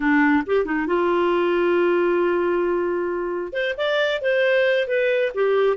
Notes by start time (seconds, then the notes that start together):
0.00 D4
0.46 G4
0.65 D#4
0.87 F4
3.52 C5
3.77 D5
4.21 C5
4.87 B4
5.34 G4